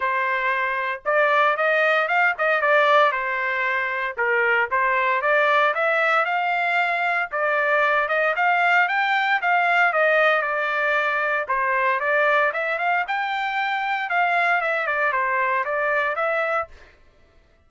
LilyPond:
\new Staff \with { instrumentName = "trumpet" } { \time 4/4 \tempo 4 = 115 c''2 d''4 dis''4 | f''8 dis''8 d''4 c''2 | ais'4 c''4 d''4 e''4 | f''2 d''4. dis''8 |
f''4 g''4 f''4 dis''4 | d''2 c''4 d''4 | e''8 f''8 g''2 f''4 | e''8 d''8 c''4 d''4 e''4 | }